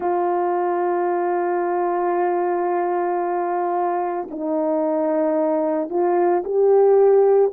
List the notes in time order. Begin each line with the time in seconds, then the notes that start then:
0.00 F4
4.31 D#4
5.89 F4
6.44 G4